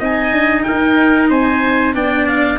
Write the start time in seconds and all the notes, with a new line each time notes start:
0.00 C4 D#4 D#5 G#5
0.32 D4
0.63 D#4 A#4 G5
1.30 C4 C5 G#5
1.94 B3 D4 D5 G5
2.28 F5